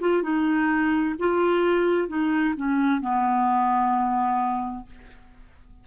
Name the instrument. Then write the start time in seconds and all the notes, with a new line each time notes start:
clarinet
0.00 F4
0.23 D#4
1.19 F4
2.08 D#4
2.57 C#4
3.01 B3